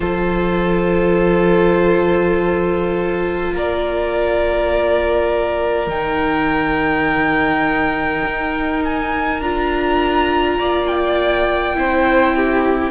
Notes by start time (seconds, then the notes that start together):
0.00 F3 F4 A4 C5
3.52 A#3 A#4 D5
5.86 D#3 D#4 G5
8.24 D#4
8.84 G#5
9.40 D4 F4 A#5
10.58 A#3 D5
10.87 G5
11.74 C4 E4 C5
12.35 G4